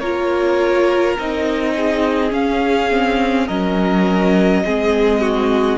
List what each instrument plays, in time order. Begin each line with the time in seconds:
0.00 cello A#3, viola F4, violin A#4 C#5
1.19 cello C4, viola D#4, violin D#5
1.76 violin G#4
2.30 viola C#4, cello C#4, violin F5
2.91 viola C4
3.47 cello F#3, viola C#4, violin A#4 D#5
4.65 cello G#3, viola C4, violin G#4
5.21 violin F#4